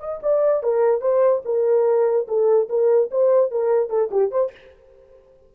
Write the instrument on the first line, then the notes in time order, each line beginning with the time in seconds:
horn
0.00 D#5
0.23 D5
0.63 A#4
1.01 C5
1.45 A#4
2.28 A4
2.69 A#4
3.11 C5
3.51 A#4
3.89 A4
4.11 G4
4.31 C5